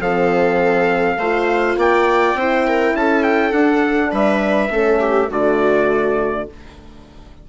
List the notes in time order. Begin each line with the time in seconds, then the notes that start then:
0.00 F3 C4 A4 F5
1.18 A3 F4 C5
1.77 A#3 D5 G5
2.35 C4 E4 C5
2.68 A#4
2.95 C#4 A4 A5
3.23 G5
3.52 D4 F#5
4.12 G3 B4 E5
4.70 A3 C#4 A4
5.00 G4
5.30 D3 A3 F#4 D5